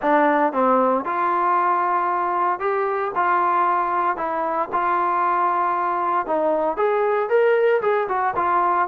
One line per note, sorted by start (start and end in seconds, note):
0.01 0.52 D4
0.52 1.04 C4
1.04 2.59 F4
2.59 3.11 G4
3.15 4.16 F4
4.16 4.69 E4
4.72 6.26 F4
6.26 6.77 D#4
6.77 7.29 G#4
7.29 7.81 A#4
7.81 8.07 G#4
8.08 8.34 F#4
8.36 8.88 F4